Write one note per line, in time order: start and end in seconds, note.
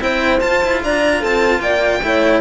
0.00 0.42 C4
0.00 0.40 E4
0.00 0.83 C5
0.00 0.40 G5
0.40 2.01 F4
0.40 0.63 F4
0.40 0.80 A5
0.64 0.84 E4
0.84 1.23 D4
0.84 1.20 D5
0.84 1.24 A#5
1.20 1.60 C4
1.20 1.60 A4
1.20 1.61 A5
1.60 2.00 A#3
1.60 2.03 D5
1.60 2.41 G5
2.03 2.41 A3
2.03 2.41 E4
2.03 2.41 C#5